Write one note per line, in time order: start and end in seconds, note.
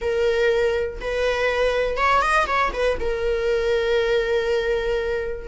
0.01 1.00 A#4
1.01 1.97 B4
1.97 2.21 C#5
2.21 2.46 D#5
2.47 2.71 C#5
2.73 2.98 B4
3.00 5.47 A#4